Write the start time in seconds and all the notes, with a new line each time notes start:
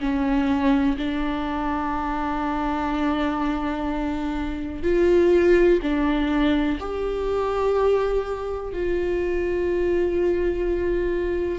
0.00 C#4
0.97 D4
4.83 F4
5.82 D4
6.80 G4
8.73 F4